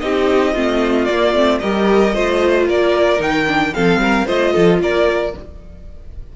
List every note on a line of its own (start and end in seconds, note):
0.00 0.55 C4
0.00 0.55 D#4
0.00 0.53 G4
0.00 1.05 D#5
0.53 1.08 A3
0.53 1.08 C4
0.53 1.60 F4
1.05 1.35 A#3
1.05 1.34 A#3
1.05 1.58 D5
1.34 1.60 A3
1.34 1.62 C4
1.59 2.15 G3
1.59 2.14 G4
1.59 2.14 A#4
1.59 2.66 D#5
2.14 2.68 A3
2.14 3.19 F4
2.14 2.67 C5
2.67 3.19 A#3
2.67 3.74 A#4
2.67 3.21 D5
3.19 3.73 D#3
3.19 3.45 D#4
3.19 3.74 G5
3.47 3.73 D4
3.74 3.96 F3
3.74 4.26 C4
3.74 4.01 A4
3.74 4.27 F5
3.96 4.23 G3
3.96 4.26 A#4
4.26 4.54 A3
4.26 5.33 F4
4.26 4.53 C5
4.26 4.81 D#5
4.53 4.81 F3
4.53 4.79 A4
4.81 5.34 A#3
4.81 5.36 A#4
4.81 5.35 D5